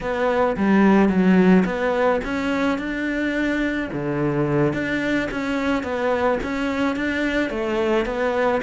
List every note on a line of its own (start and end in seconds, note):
0.01 0.56 B3
0.56 1.08 G3
1.08 1.64 F#3
1.65 2.20 B3
2.24 2.78 C#4
2.78 3.89 D4
3.93 4.73 D3
4.73 5.28 D4
5.31 5.83 C#4
5.83 6.38 B3
6.43 6.96 C#4
6.96 7.50 D4
7.50 8.05 A3
8.05 8.61 B3